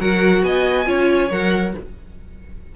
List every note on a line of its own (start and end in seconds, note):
0.00 0.43 F#3
0.00 0.86 F#4
0.00 0.45 A#4
0.00 0.44 F#5
0.43 0.87 B3
0.43 0.87 D#5
0.43 1.32 G#5
0.86 1.31 C#4
0.86 1.29 F4
0.86 1.75 C#5
1.31 1.74 F#3
1.31 1.75 A#4
1.31 1.76 F#5